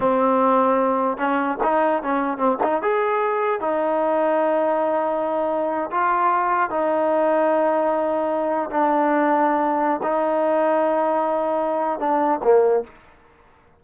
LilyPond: \new Staff \with { instrumentName = "trombone" } { \time 4/4 \tempo 4 = 150 c'2. cis'4 | dis'4 cis'4 c'8 dis'8 gis'4~ | gis'4 dis'2.~ | dis'2~ dis'8. f'4~ f'16~ |
f'8. dis'2.~ dis'16~ | dis'4.~ dis'16 d'2~ d'16~ | d'4 dis'2.~ | dis'2 d'4 ais4 | }